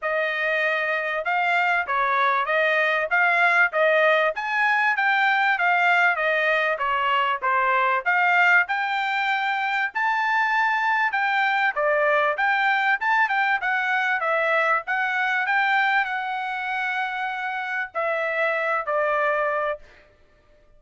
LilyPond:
\new Staff \with { instrumentName = "trumpet" } { \time 4/4 \tempo 4 = 97 dis''2 f''4 cis''4 | dis''4 f''4 dis''4 gis''4 | g''4 f''4 dis''4 cis''4 | c''4 f''4 g''2 |
a''2 g''4 d''4 | g''4 a''8 g''8 fis''4 e''4 | fis''4 g''4 fis''2~ | fis''4 e''4. d''4. | }